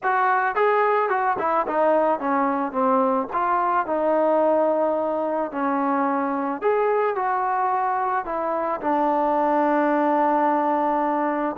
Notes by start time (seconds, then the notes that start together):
0.03 F#4
0.55 G#4
1.09 F#4
1.39 E4
1.67 D#4
2.19 C#4
2.72 C4
3.33 F4
3.86 D#4
5.51 C#4
6.61 G#4
7.15 F#4
8.25 E4
8.80 D4